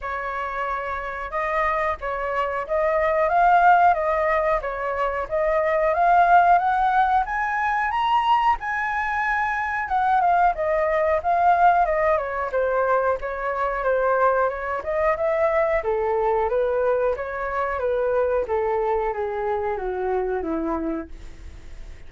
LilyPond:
\new Staff \with { instrumentName = "flute" } { \time 4/4 \tempo 4 = 91 cis''2 dis''4 cis''4 | dis''4 f''4 dis''4 cis''4 | dis''4 f''4 fis''4 gis''4 | ais''4 gis''2 fis''8 f''8 |
dis''4 f''4 dis''8 cis''8 c''4 | cis''4 c''4 cis''8 dis''8 e''4 | a'4 b'4 cis''4 b'4 | a'4 gis'4 fis'4 e'4 | }